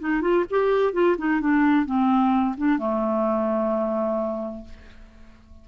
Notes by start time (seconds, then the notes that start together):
0.00 D#4
0.22 F4
0.51 G4
0.93 F4
1.18 D#4
1.41 D4
1.86 C4
2.58 D4
2.79 A3